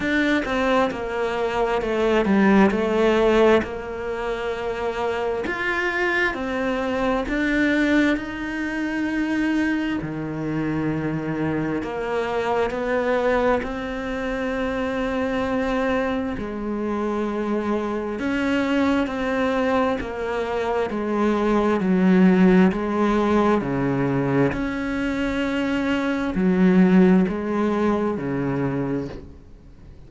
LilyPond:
\new Staff \with { instrumentName = "cello" } { \time 4/4 \tempo 4 = 66 d'8 c'8 ais4 a8 g8 a4 | ais2 f'4 c'4 | d'4 dis'2 dis4~ | dis4 ais4 b4 c'4~ |
c'2 gis2 | cis'4 c'4 ais4 gis4 | fis4 gis4 cis4 cis'4~ | cis'4 fis4 gis4 cis4 | }